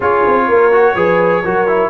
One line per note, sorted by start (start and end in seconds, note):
0.00 0.24 C#4
0.00 0.72 F4
0.00 0.46 G#4
0.00 1.89 C#5
0.26 0.49 C4
0.47 0.95 A#3
0.47 0.95 A#4
0.72 0.96 F#4
0.95 1.42 F3
0.95 1.43 G#4
0.95 1.42 B4
1.43 1.89 F#3
1.43 1.67 F#4
1.43 1.89 A#4
1.67 1.89 E4